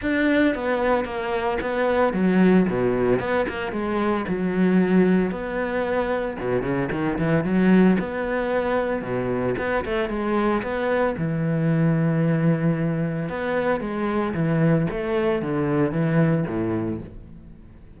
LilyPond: \new Staff \with { instrumentName = "cello" } { \time 4/4 \tempo 4 = 113 d'4 b4 ais4 b4 | fis4 b,4 b8 ais8 gis4 | fis2 b2 | b,8 cis8 dis8 e8 fis4 b4~ |
b4 b,4 b8 a8 gis4 | b4 e2.~ | e4 b4 gis4 e4 | a4 d4 e4 a,4 | }